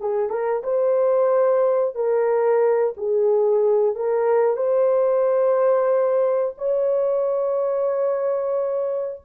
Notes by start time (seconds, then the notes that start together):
0.00 G#4
0.29 A#4
0.63 C5
1.95 A#4
2.97 G#4
3.95 A#4
4.56 C5
6.57 C#5